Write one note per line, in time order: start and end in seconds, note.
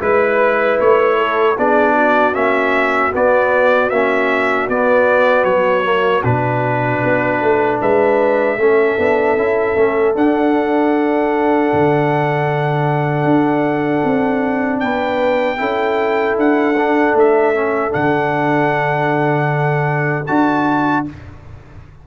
0.00 0.79 G#3
0.00 1.56 E4
0.00 1.17 B4
0.00 0.79 B4
0.80 1.57 A3
0.80 1.57 C#5
1.17 1.56 A4
1.56 2.35 B3
1.56 2.33 D4
1.56 1.94 G#4
1.56 2.35 D5
1.94 7.78 F#4
2.33 3.13 A#3
2.33 3.11 C#4
2.33 3.12 E5
3.13 3.91 B3
3.13 3.90 D5
3.90 4.68 A#3
3.90 4.70 C#4
3.90 4.68 E5
4.68 5.44 B3
4.68 5.84 B3
4.68 5.44 D5
5.44 6.22 F#3
5.44 6.22 C#5
5.84 6.23 A#3
6.24 7.02 B2
6.24 8.58 D4
6.24 7.79 B4
7.04 7.41 B3
7.41 7.80 A3
7.81 8.57 G#3
7.81 8.58 B4
7.81 10.15 E5
8.57 8.96 A3
8.57 8.98 C#4
8.57 14.82 A4
8.98 9.37 B3
8.98 9.37 D4
9.37 9.76 C#4
9.37 9.76 E4
9.76 10.15 A3
9.76 10.15 C#4
10.15 11.71 D4
10.15 15.58 D4
10.15 14.80 F#5
11.73 13.24 D3
13.24 14.02 D4
14.04 14.82 C4
14.80 15.60 B3
14.80 15.59 B4
14.80 16.35 G5
15.58 16.37 C#4
15.58 16.75 E4
15.58 21.05 A4
16.37 17.13 D4
16.37 17.17 F#5
16.77 17.54 D4
17.13 17.91 A3
17.13 17.93 E5
17.54 17.91 C#4
17.91 20.29 D3
17.91 20.24 D4
17.91 20.26 F#5
20.26 21.07 D4
20.26 21.06 F#4
20.26 21.04 A5